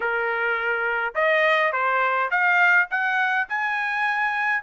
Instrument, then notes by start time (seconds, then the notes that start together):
trumpet
0.00 A#4
1.14 D#5
1.72 C5
2.31 F5
2.90 F#5
3.48 G#5